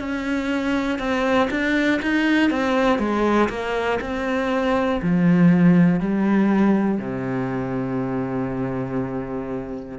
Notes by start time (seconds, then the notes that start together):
0.00 C#4
0.99 C4
1.50 D4
2.02 D#4
2.50 C4
2.99 G#3
3.49 A#3
4.00 C4
5.02 F3
6.00 G3
6.99 C3